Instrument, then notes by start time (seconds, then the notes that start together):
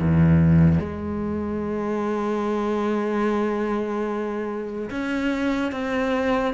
cello
0.00 E2
0.79 G#3
4.90 C#4
5.72 C4